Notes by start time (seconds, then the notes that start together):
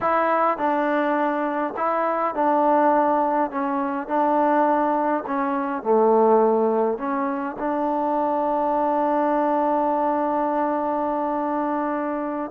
0.01 E4
0.57 D4
1.77 E4
2.35 D4
3.50 C#4
4.07 D4
5.26 C#4
5.83 A3
6.97 C#4
7.58 D4